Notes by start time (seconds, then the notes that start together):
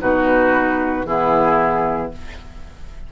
0.00 B2 D#4 F#4 B4
1.04 E3 B3 E4 G#4